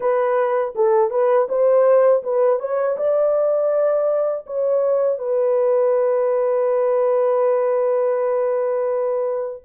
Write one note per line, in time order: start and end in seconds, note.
0.00 0.73 B4
0.75 1.10 A4
1.10 1.47 B4
1.48 2.23 C5
2.23 2.59 B4
2.59 2.96 C#5
2.97 4.45 D5
4.46 5.18 C#5
5.18 9.63 B4